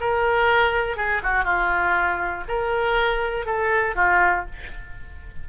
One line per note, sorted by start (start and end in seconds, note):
0.00 0.97 A#4
0.97 1.22 G#4
1.23 1.44 F#4
1.44 2.44 F4
2.48 3.45 A#4
3.45 3.95 A4
3.95 4.45 F4